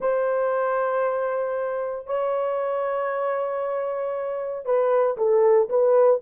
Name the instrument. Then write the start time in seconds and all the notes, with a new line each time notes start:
horn
0.00 C5
2.06 C#5
4.65 B4
5.17 A4
5.69 B4